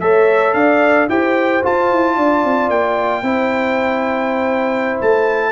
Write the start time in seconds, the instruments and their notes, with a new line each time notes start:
0.00 tuba A3, trombone A4, horn C#5, trumpet E5
0.53 tuba D4, horn D5, trumpet F5
1.09 tuba E4, trombone G4, horn C5, trumpet G5
1.62 trombone F4, tuba F4, trumpet A5
1.92 tuba E4
2.16 tuba D4, horn D5
2.44 tuba C4
2.70 tuba A#3, trumpet G5
3.23 tuba C4, trombone E4, horn C5
5.01 tuba A3, trumpet A5